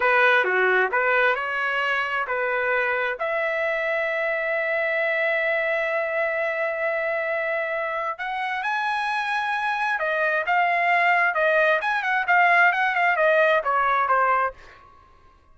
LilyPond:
\new Staff \with { instrumentName = "trumpet" } { \time 4/4 \tempo 4 = 132 b'4 fis'4 b'4 cis''4~ | cis''4 b'2 e''4~ | e''1~ | e''1~ |
e''2 fis''4 gis''4~ | gis''2 dis''4 f''4~ | f''4 dis''4 gis''8 fis''8 f''4 | fis''8 f''8 dis''4 cis''4 c''4 | }